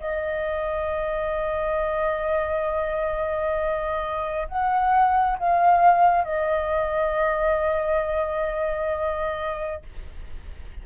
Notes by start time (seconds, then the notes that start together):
0.00 D#5
4.48 F#5
5.39 F5
6.24 D#5